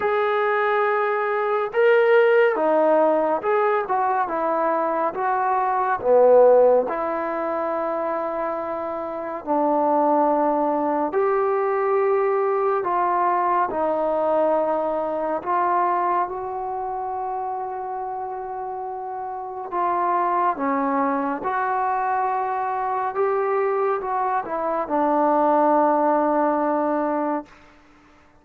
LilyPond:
\new Staff \with { instrumentName = "trombone" } { \time 4/4 \tempo 4 = 70 gis'2 ais'4 dis'4 | gis'8 fis'8 e'4 fis'4 b4 | e'2. d'4~ | d'4 g'2 f'4 |
dis'2 f'4 fis'4~ | fis'2. f'4 | cis'4 fis'2 g'4 | fis'8 e'8 d'2. | }